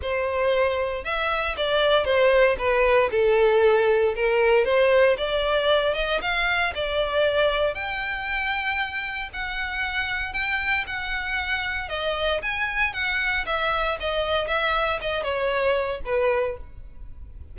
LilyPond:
\new Staff \with { instrumentName = "violin" } { \time 4/4 \tempo 4 = 116 c''2 e''4 d''4 | c''4 b'4 a'2 | ais'4 c''4 d''4. dis''8 | f''4 d''2 g''4~ |
g''2 fis''2 | g''4 fis''2 dis''4 | gis''4 fis''4 e''4 dis''4 | e''4 dis''8 cis''4. b'4 | }